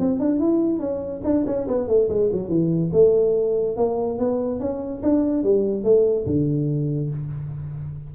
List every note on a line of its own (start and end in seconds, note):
0.00 0.20 C4
0.20 0.40 D4
0.40 0.80 E4
0.80 1.22 C#4
1.25 1.46 D4
1.47 1.68 C#4
1.68 1.88 B3
1.88 2.09 A3
2.09 2.30 G#3
2.33 2.49 F#3
2.49 2.91 E3
2.93 3.77 A3
3.77 4.19 A#3
4.19 4.60 B3
4.60 5.02 C#4
5.03 5.44 D4
5.44 5.85 G3
5.85 6.27 A3
6.27 7.10 D3